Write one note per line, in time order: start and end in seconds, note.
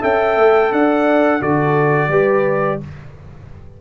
0.00 0.37 C#4
0.00 1.40 A4
0.00 0.70 E5
0.00 0.72 G5
0.37 0.71 A3
0.71 1.41 D4
0.71 1.40 D5
0.71 1.42 F#5
1.40 2.08 D3
1.40 2.10 F#4
1.40 2.09 A4
1.40 2.81 D5
2.08 2.77 G3
2.08 2.80 G4
2.08 2.79 B4